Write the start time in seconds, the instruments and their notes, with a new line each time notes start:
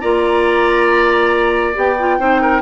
0.00 bassoon A#3, clarinet F4, oboe D5, flute A#5
1.74 bassoon B3, clarinet G4, flute G5
1.99 clarinet F4
2.19 bassoon C4, clarinet D#4, oboe C5
2.41 oboe A#4